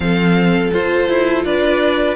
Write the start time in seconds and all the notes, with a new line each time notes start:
0.00 F3 C4 A4 F5
0.72 F4 C5
1.08 E4
1.44 D4 B4 D5